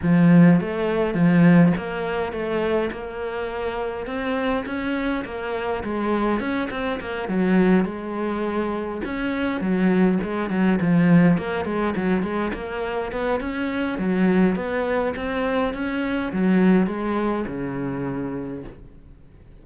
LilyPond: \new Staff \with { instrumentName = "cello" } { \time 4/4 \tempo 4 = 103 f4 a4 f4 ais4 | a4 ais2 c'4 | cis'4 ais4 gis4 cis'8 c'8 | ais8 fis4 gis2 cis'8~ |
cis'8 fis4 gis8 fis8 f4 ais8 | gis8 fis8 gis8 ais4 b8 cis'4 | fis4 b4 c'4 cis'4 | fis4 gis4 cis2 | }